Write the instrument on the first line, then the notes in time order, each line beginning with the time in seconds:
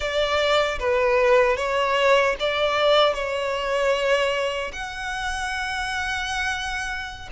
violin
0.00 D5
0.79 B4
1.56 C#5
2.39 D5
3.14 C#5
4.72 F#5